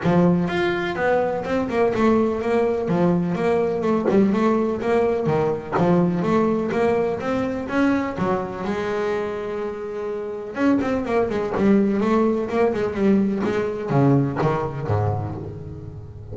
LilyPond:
\new Staff \with { instrumentName = "double bass" } { \time 4/4 \tempo 4 = 125 f4 f'4 b4 c'8 ais8 | a4 ais4 f4 ais4 | a8 g8 a4 ais4 dis4 | f4 a4 ais4 c'4 |
cis'4 fis4 gis2~ | gis2 cis'8 c'8 ais8 gis8 | g4 a4 ais8 gis8 g4 | gis4 cis4 dis4 gis,4 | }